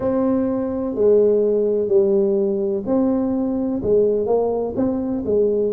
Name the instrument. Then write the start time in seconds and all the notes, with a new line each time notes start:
tuba
0.00 C4
0.94 G#3
1.88 G3
2.86 C4
3.82 G#3
4.26 A#3
4.76 C4
5.25 G#3